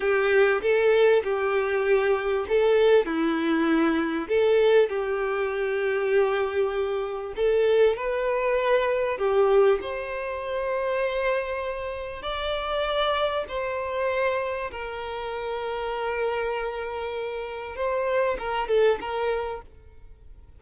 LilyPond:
\new Staff \with { instrumentName = "violin" } { \time 4/4 \tempo 4 = 98 g'4 a'4 g'2 | a'4 e'2 a'4 | g'1 | a'4 b'2 g'4 |
c''1 | d''2 c''2 | ais'1~ | ais'4 c''4 ais'8 a'8 ais'4 | }